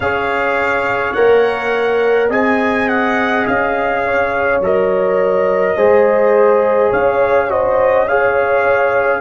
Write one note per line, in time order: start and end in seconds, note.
0.00 1.15 C#4
0.00 1.15 G#4
0.00 2.29 C#5
0.00 1.13 F5
1.13 2.29 A#3
1.13 2.30 A#4
1.13 2.28 F#5
2.29 3.44 C4
2.29 4.61 G#4
2.29 4.02 D#5
2.29 2.88 G#5
2.88 3.46 F#5
3.46 4.60 C#4
3.46 4.62 F5
4.04 5.76 C#5
4.60 5.75 F#3
4.60 5.77 A#4
4.60 6.93 D#5
5.76 6.92 G#3
5.76 7.49 G#4
5.76 6.90 C5
6.90 9.21 C#4
6.90 7.47 C#5
6.90 7.50 F5
7.49 8.06 F#4
7.49 8.07 C5
7.49 8.08 D#5
8.08 9.21 G#4
8.08 9.21 C#5
8.08 9.21 F5